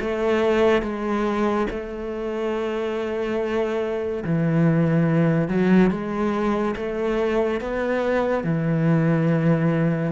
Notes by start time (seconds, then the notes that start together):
0.00 A3
0.82 G#3
1.71 A3
4.24 E3
5.48 F#3
5.90 G#3
6.76 A3
7.61 B3
8.44 E3